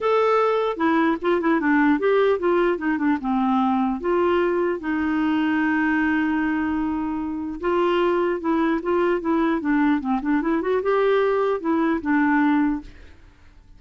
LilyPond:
\new Staff \with { instrumentName = "clarinet" } { \time 4/4 \tempo 4 = 150 a'2 e'4 f'8 e'8 | d'4 g'4 f'4 dis'8 d'8 | c'2 f'2 | dis'1~ |
dis'2. f'4~ | f'4 e'4 f'4 e'4 | d'4 c'8 d'8 e'8 fis'8 g'4~ | g'4 e'4 d'2 | }